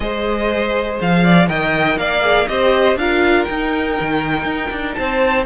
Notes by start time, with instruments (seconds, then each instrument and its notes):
0.00 cello G#3, viola G#4, violin C5 D#5
1.01 cello F3, violin F5
1.23 violin D5
1.48 cello D#3, viola A#4, violin D#5 G5
1.97 cello A#3, violin D5 F5
2.21 viola G#4
2.47 cello C4, viola G4, violin C5 D#5
2.95 cello D4, viola F4, violin A#4 F5
3.44 viola D#4, cello D#4, violin G5
4.00 cello D#3
4.44 cello D#4
4.71 cello D4
4.94 cello C4, violin C5 A5